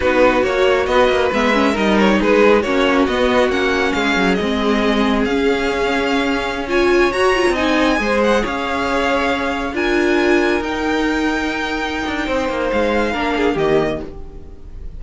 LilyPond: <<
  \new Staff \with { instrumentName = "violin" } { \time 4/4 \tempo 4 = 137 b'4 cis''4 dis''4 e''4 | dis''8 cis''8 b'4 cis''4 dis''4 | fis''4 f''4 dis''2 | f''2.~ f''16 gis''8.~ |
gis''16 ais''4 gis''4. fis''8 f''8.~ | f''2~ f''16 gis''4.~ gis''16~ | gis''16 g''2.~ g''8.~ | g''4 f''2 dis''4 | }
  \new Staff \with { instrumentName = "violin" } { \time 4/4 fis'2 b'2 | ais'4 gis'4 fis'2~ | fis'4 gis'2.~ | gis'2.~ gis'16 cis''8.~ |
cis''4~ cis''16 dis''4 c''4 cis''8.~ | cis''2~ cis''16 ais'4.~ ais'16~ | ais'1 | c''2 ais'8 gis'8 g'4 | }
  \new Staff \with { instrumentName = "viola" } { \time 4/4 dis'4 fis'2 b8 cis'8 | dis'2 cis'4 b4 | cis'2 c'2 | cis'2.~ cis'16 f'8.~ |
f'16 fis'8 f'8 dis'4 gis'4.~ gis'16~ | gis'2~ gis'16 f'4.~ f'16~ | f'16 dis'2.~ dis'8.~ | dis'2 d'4 ais4 | }
  \new Staff \with { instrumentName = "cello" } { \time 4/4 b4 ais4 b8 ais8 gis4 | g4 gis4 ais4 b4 | ais4 gis8 fis8 gis2 | cis'1~ |
cis'16 fis'8. c'4~ c'16 gis4 cis'8.~ | cis'2~ cis'16 d'4.~ d'16~ | d'16 dis'2.~ dis'16 d'8 | c'8 ais8 gis4 ais4 dis4 | }
>>